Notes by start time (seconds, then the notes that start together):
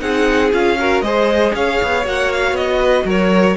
0.00 C4 D#4 G#4 F#5
0.52 C#4 F4 F5
0.79 F#4 A#4
1.01 G#3 G#4 C5 D#5
1.54 C#4 C#5 F5
1.83 B3
2.05 A#3 F#4 F#5
2.32 F5
2.52 B3 D#5
2.78 B4
3.05 F#3 A#4 C#5